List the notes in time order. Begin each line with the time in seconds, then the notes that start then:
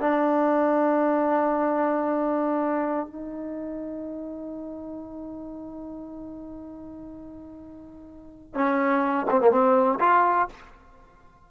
0.00 D4
3.07 D#4
8.55 C#4
9.30 C4
9.41 A#3
9.51 C4
10.00 F4